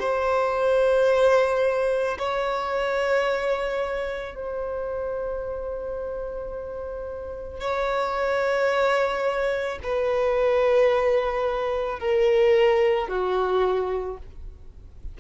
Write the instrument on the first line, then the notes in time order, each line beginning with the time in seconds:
violin
0.00 C5
2.19 C#5
4.35 C5
7.61 C#5
9.83 B4
12.00 A#4
13.09 F#4